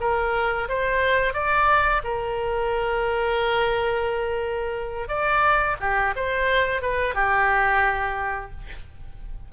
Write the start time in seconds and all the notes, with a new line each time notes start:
0.00 A#4
0.68 C5
1.33 D5
2.04 A#4
5.08 D5
5.80 G4
6.16 C5
6.82 B4
7.14 G4